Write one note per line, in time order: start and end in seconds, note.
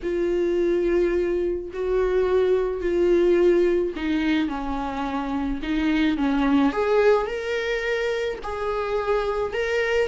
0.03 1.71 F4
1.73 2.81 F#4
2.81 3.93 F4
3.96 4.48 D#4
4.48 5.60 C#4
5.62 6.17 D#4
6.17 6.72 C#4
6.72 7.26 G#4
7.26 8.38 A#4
8.43 9.53 G#4
9.53 10.07 A#4